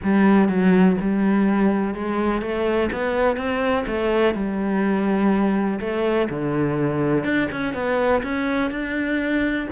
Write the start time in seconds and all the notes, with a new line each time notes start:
0.03 G3
0.48 F#3
1.00 G3
1.94 G#3
2.41 A3
2.91 B3
3.37 C4
3.86 A3
4.34 G3
5.80 A3
6.29 D3
7.24 D4
7.51 C#4
7.74 B3
8.23 C#4
8.71 D4